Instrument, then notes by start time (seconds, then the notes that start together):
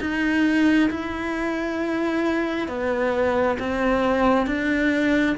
cello
0.00 D#4
0.90 E4
2.68 B3
3.59 C4
4.46 D4